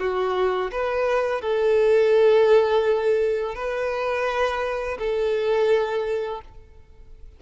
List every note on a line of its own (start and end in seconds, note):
0.00 0.71 F#4
0.72 1.42 B4
1.42 3.56 A4
3.56 4.98 B4
4.99 6.42 A4